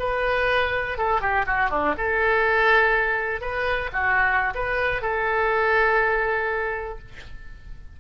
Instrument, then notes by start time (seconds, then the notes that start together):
oboe
0.00 B4
0.98 A4
1.21 G4
1.47 F#4
1.71 D4
1.98 A4
3.41 B4
3.93 F#4
4.55 B4
5.02 A4